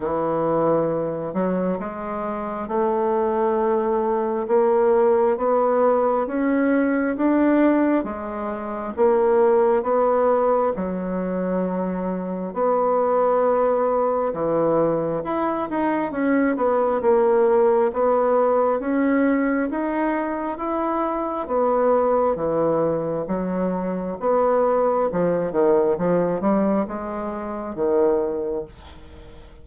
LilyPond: \new Staff \with { instrumentName = "bassoon" } { \time 4/4 \tempo 4 = 67 e4. fis8 gis4 a4~ | a4 ais4 b4 cis'4 | d'4 gis4 ais4 b4 | fis2 b2 |
e4 e'8 dis'8 cis'8 b8 ais4 | b4 cis'4 dis'4 e'4 | b4 e4 fis4 b4 | f8 dis8 f8 g8 gis4 dis4 | }